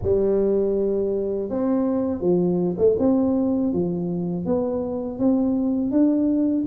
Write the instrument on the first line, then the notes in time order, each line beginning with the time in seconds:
tuba
0.02 G3
1.49 C4
2.21 F3
2.78 A3
2.98 C4
3.72 F3
4.45 B3
5.19 C4
5.91 D4